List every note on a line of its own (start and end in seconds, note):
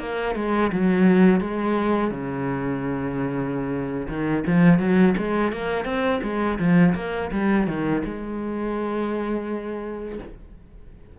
0.00 0.35 A#3
0.35 0.71 G#3
0.72 1.41 F#3
1.41 2.11 G#3
2.11 4.07 C#3
4.08 4.44 D#3
4.47 4.79 F3
4.79 5.15 F#3
5.17 5.53 G#3
5.53 5.85 A#3
5.85 6.20 C4
6.23 6.58 G#3
6.59 6.94 F3
6.95 7.31 A#3
7.31 7.67 G3
7.67 8.03 D#3
8.05 10.19 G#3